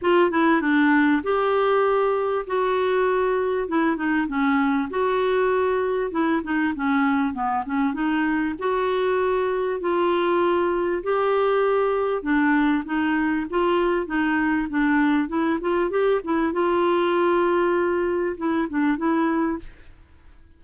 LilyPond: \new Staff \with { instrumentName = "clarinet" } { \time 4/4 \tempo 4 = 98 f'8 e'8 d'4 g'2 | fis'2 e'8 dis'8 cis'4 | fis'2 e'8 dis'8 cis'4 | b8 cis'8 dis'4 fis'2 |
f'2 g'2 | d'4 dis'4 f'4 dis'4 | d'4 e'8 f'8 g'8 e'8 f'4~ | f'2 e'8 d'8 e'4 | }